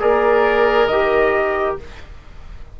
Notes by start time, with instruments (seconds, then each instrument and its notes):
0.00 bassoon A#3, trombone G#4, oboe A#4, trumpet D5
0.87 bassoon D#3, trombone G4, trumpet D#5